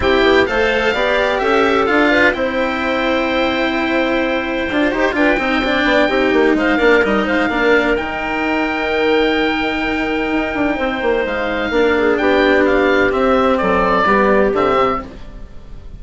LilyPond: <<
  \new Staff \with { instrumentName = "oboe" } { \time 4/4 \tempo 4 = 128 g''4 f''2 e''4 | f''4 g''2.~ | g''2~ g''8 c''8 g''4~ | g''2 f''4 dis''8 f''8~ |
f''4 g''2.~ | g''1 | f''2 g''4 f''4 | e''4 d''2 e''4 | }
  \new Staff \with { instrumentName = "clarinet" } { \time 4/4 g'4 c''4 d''4 a'4~ | a'8 b'8 c''2.~ | c''2. b'8 c''8 | d''4 g'4 c''8 ais'4 c''8 |
ais'1~ | ais'2. c''4~ | c''4 ais'8 gis'8 g'2~ | g'4 a'4 g'2 | }
  \new Staff \with { instrumentName = "cello" } { \time 4/4 e'4 a'4 g'2 | f'4 e'2.~ | e'2 f'8 g'8 f'8 dis'8 | d'4 dis'4. d'8 dis'4 |
d'4 dis'2.~ | dis'1~ | dis'4 d'2. | c'2 b4 c'4 | }
  \new Staff \with { instrumentName = "bassoon" } { \time 4/4 c'8 b8 a4 b4 cis'4 | d'4 c'2.~ | c'2 d'8 dis'8 d'8 c'8~ | c'8 b8 c'8 ais8 gis8 ais8 g8 gis8 |
ais4 dis2.~ | dis2 dis'8 d'8 c'8 ais8 | gis4 ais4 b2 | c'4 fis4 g4 d8 c8 | }
>>